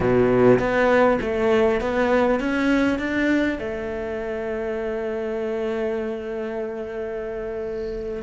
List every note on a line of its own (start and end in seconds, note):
0.00 0.58 B2
0.59 1.19 B3
1.21 1.80 A3
1.80 2.40 B3
2.40 2.98 C#4
2.98 3.58 D4
3.58 8.22 A3